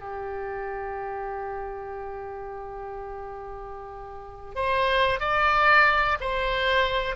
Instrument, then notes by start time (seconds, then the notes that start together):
oboe
0.00 G4
4.56 C5
5.21 D5
6.21 C5